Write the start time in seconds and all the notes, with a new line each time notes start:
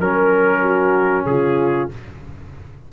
0.00 F#3 C#4 A#4
0.62 F#4
1.26 C#3 F4 G#4